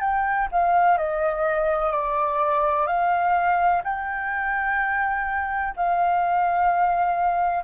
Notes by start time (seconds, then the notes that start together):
0.00 G5
0.52 F5
0.97 D#5
1.91 D5
2.87 F5
3.84 G5
5.76 F5